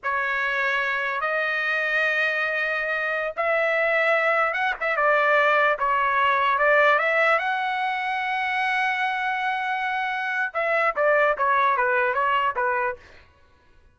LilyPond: \new Staff \with { instrumentName = "trumpet" } { \time 4/4 \tempo 4 = 148 cis''2. dis''4~ | dis''1~ | dis''16 e''2. fis''8 e''16~ | e''16 d''2 cis''4.~ cis''16~ |
cis''16 d''4 e''4 fis''4.~ fis''16~ | fis''1~ | fis''2 e''4 d''4 | cis''4 b'4 cis''4 b'4 | }